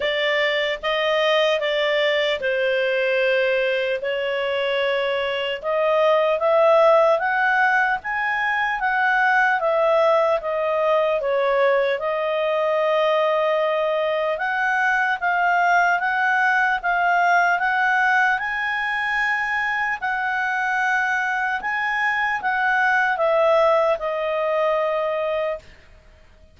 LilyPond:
\new Staff \with { instrumentName = "clarinet" } { \time 4/4 \tempo 4 = 75 d''4 dis''4 d''4 c''4~ | c''4 cis''2 dis''4 | e''4 fis''4 gis''4 fis''4 | e''4 dis''4 cis''4 dis''4~ |
dis''2 fis''4 f''4 | fis''4 f''4 fis''4 gis''4~ | gis''4 fis''2 gis''4 | fis''4 e''4 dis''2 | }